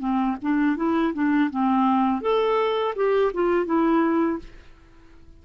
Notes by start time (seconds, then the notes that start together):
0.00 C4
0.42 D4
0.76 E4
1.14 D4
1.50 C4
2.21 A4
2.96 G4
3.34 F4
3.66 E4